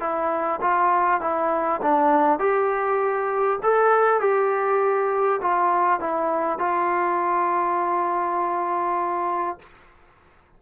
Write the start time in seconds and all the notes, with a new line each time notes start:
0.00 E4
0.61 F4
1.21 E4
1.82 D4
2.39 G4
3.63 A4
4.20 G4
5.41 F4
6.00 E4
6.59 F4